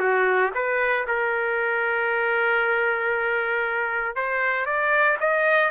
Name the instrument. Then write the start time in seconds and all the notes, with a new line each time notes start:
trumpet
0.00 F#4
0.55 B4
1.08 A#4
4.16 C5
4.66 D5
5.21 D#5